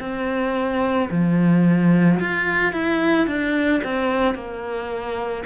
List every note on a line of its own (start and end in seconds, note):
0.00 1.09 C4
1.11 2.20 F3
2.20 2.73 F4
2.73 3.27 E4
3.27 3.82 D4
3.84 4.35 C4
4.35 5.44 A#3